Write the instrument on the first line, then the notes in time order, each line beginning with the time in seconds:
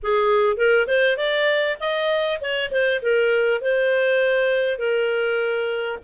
clarinet
0.02 G#4
0.56 A#4
0.87 C5
1.17 D5
1.79 D#5
2.41 C#5
2.71 C5
3.02 A#4
3.61 C5
4.78 A#4